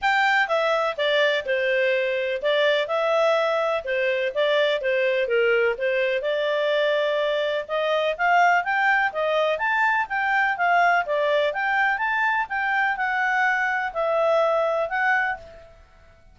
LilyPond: \new Staff \with { instrumentName = "clarinet" } { \time 4/4 \tempo 4 = 125 g''4 e''4 d''4 c''4~ | c''4 d''4 e''2 | c''4 d''4 c''4 ais'4 | c''4 d''2. |
dis''4 f''4 g''4 dis''4 | a''4 g''4 f''4 d''4 | g''4 a''4 g''4 fis''4~ | fis''4 e''2 fis''4 | }